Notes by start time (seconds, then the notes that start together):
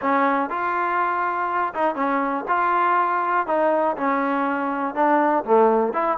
0.01 C#4
0.49 F4
1.74 D#4
1.95 C#4
2.47 F4
3.47 D#4
3.97 C#4
4.94 D4
5.44 A3
5.93 E4